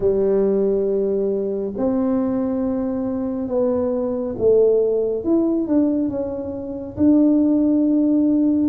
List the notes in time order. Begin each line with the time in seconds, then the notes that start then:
0.00 G3
1.77 C4
3.48 B3
4.38 A3
5.24 E4
5.67 D4
6.09 C#4
6.96 D4